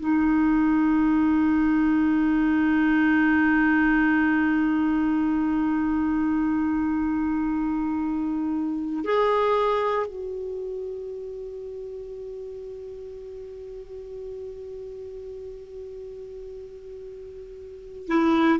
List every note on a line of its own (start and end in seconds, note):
0.00 9.05 D#4
9.05 10.07 G#4
10.07 18.08 F#4
18.08 18.60 E4